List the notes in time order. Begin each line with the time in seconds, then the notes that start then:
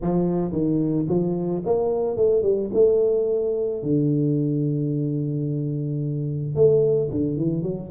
0.01 F3
0.52 D#3
1.08 F3
1.65 A#3
2.16 A3
2.42 G3
2.73 A3
3.82 D3
6.55 A3
7.10 D3
7.36 E3
7.62 F#3